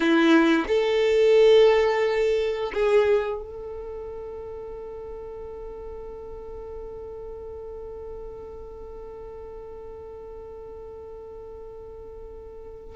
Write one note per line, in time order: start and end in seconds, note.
0.00 0.64 E4
0.67 2.72 A4
2.73 3.42 G#4
3.42 12.96 A4